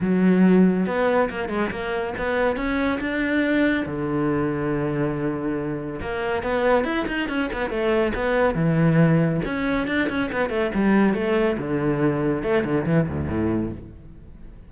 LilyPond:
\new Staff \with { instrumentName = "cello" } { \time 4/4 \tempo 4 = 140 fis2 b4 ais8 gis8 | ais4 b4 cis'4 d'4~ | d'4 d2.~ | d2 ais4 b4 |
e'8 dis'8 cis'8 b8 a4 b4 | e2 cis'4 d'8 cis'8 | b8 a8 g4 a4 d4~ | d4 a8 d8 e8 d,8 a,4 | }